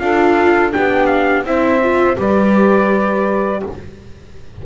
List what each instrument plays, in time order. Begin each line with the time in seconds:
0.00 double bass D4, viola F4, saxophone A4, trumpet F5
0.72 double bass B3, viola D4, saxophone G4, trumpet G5
1.07 trumpet F5
1.45 double bass C4, viola E4, saxophone C5, trumpet E5
1.83 viola F4
2.17 double bass G3, viola G4, saxophone B4, trumpet D5